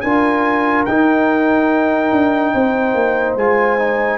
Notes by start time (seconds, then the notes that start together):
0.00 D4 F4 A#4 G#5
0.85 D#4 G5
2.12 D4
2.54 C4 C5
2.94 A#3
3.35 G#3 F4 G#5
3.78 D#4